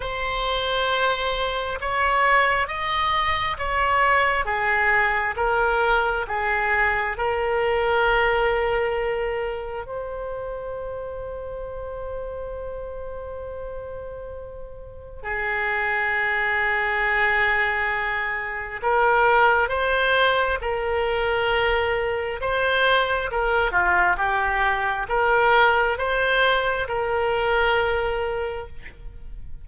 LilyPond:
\new Staff \with { instrumentName = "oboe" } { \time 4/4 \tempo 4 = 67 c''2 cis''4 dis''4 | cis''4 gis'4 ais'4 gis'4 | ais'2. c''4~ | c''1~ |
c''4 gis'2.~ | gis'4 ais'4 c''4 ais'4~ | ais'4 c''4 ais'8 f'8 g'4 | ais'4 c''4 ais'2 | }